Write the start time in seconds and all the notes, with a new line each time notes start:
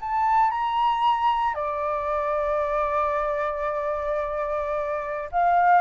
0.00 A5
0.51 A#5
1.55 D5
5.32 F5